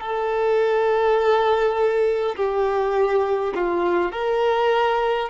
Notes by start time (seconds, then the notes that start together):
0.00 A4
2.36 G4
3.55 F4
4.12 A#4